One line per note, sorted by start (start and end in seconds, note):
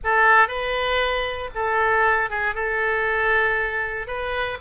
0.03 0.48 A4
0.48 1.50 B4
1.54 2.30 A4
2.30 2.54 G#4
2.54 4.07 A4
4.07 4.58 B4